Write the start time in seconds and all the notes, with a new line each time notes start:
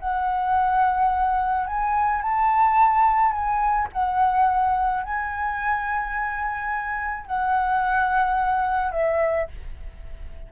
0.00 F#5
1.67 G#5
2.22 A5
3.32 G#5
3.93 F#5
5.03 G#5
7.26 F#5
8.92 E5